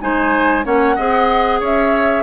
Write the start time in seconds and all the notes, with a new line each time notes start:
0.00 G#3 D#4 C5 G#5
0.63 A#3 C#4 C#5 F#5
0.95 C4 G#4 D#5
1.60 C#4 C#5 E5